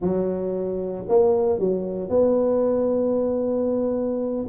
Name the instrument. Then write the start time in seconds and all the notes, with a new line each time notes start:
tuba
0.01 F#3
1.08 A#3
1.59 F#3
2.09 B3